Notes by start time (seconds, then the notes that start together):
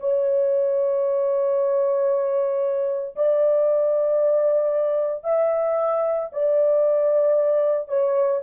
0.00 C#5
3.16 D5
5.24 E5
6.33 D5
7.88 C#5